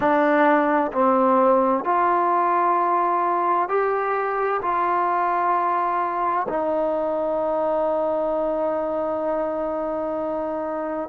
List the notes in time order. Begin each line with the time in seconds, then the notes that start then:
0.00 D4
0.92 C4
1.84 F4
3.68 G4
4.62 F4
6.48 D#4